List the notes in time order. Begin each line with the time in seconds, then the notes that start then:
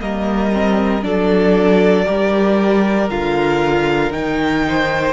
0.00 G3 A#3 A#4 D#5
0.52 C4
1.02 F#3 D4 A4 D5
2.05 G3 G4 A#4
3.09 D3 F4 F5
4.11 D#3 D#4 G5
4.68 C5